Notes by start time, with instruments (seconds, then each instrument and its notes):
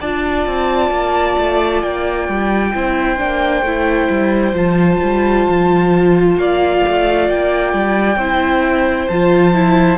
0.00 cello D4, viola F4, violin D5 A5
0.47 cello C4
0.91 cello A#3
1.38 cello A3
1.83 cello A#3, violin G5
2.28 cello G3
2.74 cello C4, viola E4, violin C5
3.18 cello A#3, viola D4
3.62 cello A3, viola E4
4.10 cello G3
4.53 cello F3, viola F4, violin A5
5.03 cello G3
5.49 cello F3
6.36 cello A#3, violin D5 F5
6.88 cello A3
7.29 cello A#3, violin G5
7.73 cello G3
8.16 cello C4, viola E4, violin C5
9.08 cello F3, viola F4, violin A5
9.54 viola E4